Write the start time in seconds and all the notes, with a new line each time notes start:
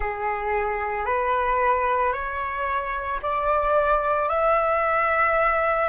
0.00 G#4
1.05 B4
2.12 C#5
3.22 D5
4.29 E5